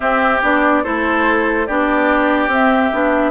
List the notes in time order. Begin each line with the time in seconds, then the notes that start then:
0.00 C4 G4 E5
0.41 B3 D4 D5
0.83 A3 E4 A4 C5
1.66 B3 D4 G4 D5
2.47 C4 E5
2.92 B3 D4